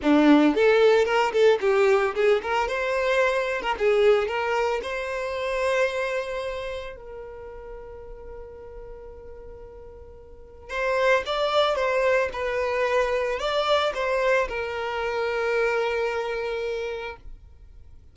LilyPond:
\new Staff \with { instrumentName = "violin" } { \time 4/4 \tempo 4 = 112 d'4 a'4 ais'8 a'8 g'4 | gis'8 ais'8 c''4.~ c''16 ais'16 gis'4 | ais'4 c''2.~ | c''4 ais'2.~ |
ais'1 | c''4 d''4 c''4 b'4~ | b'4 d''4 c''4 ais'4~ | ais'1 | }